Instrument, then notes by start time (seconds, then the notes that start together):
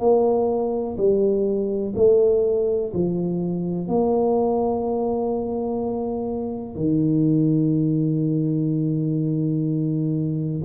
tuba
0.00 A#3
0.98 G3
1.96 A3
2.94 F3
3.89 A#3
6.76 D#3